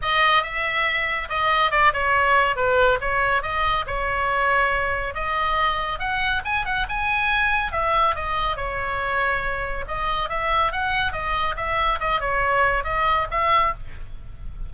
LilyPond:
\new Staff \with { instrumentName = "oboe" } { \time 4/4 \tempo 4 = 140 dis''4 e''2 dis''4 | d''8 cis''4. b'4 cis''4 | dis''4 cis''2. | dis''2 fis''4 gis''8 fis''8 |
gis''2 e''4 dis''4 | cis''2. dis''4 | e''4 fis''4 dis''4 e''4 | dis''8 cis''4. dis''4 e''4 | }